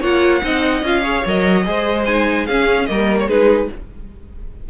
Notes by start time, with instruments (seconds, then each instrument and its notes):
0.00 cello A#3, viola F4, violin C#5 F#5
0.41 cello C4, viola D#4, violin D#5
0.82 cello C#4, viola F4, violin F5
1.02 viola G#4, violin C#5
1.25 cello F#3, viola A#4, violin D#5
1.64 cello G#3, viola G#4, violin C5
2.05 viola D#4, violin G#5
2.46 cello C#4, viola C#4, violin G#4 F5
2.86 cello G3, viola A#3, violin A#4 D#5
3.19 violin C#5
3.27 cello G#3, viola D#4, violin G#4 B4